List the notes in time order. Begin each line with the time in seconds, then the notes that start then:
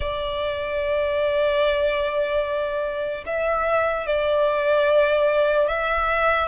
0.00 D5
3.25 E5
4.06 D5
5.68 E5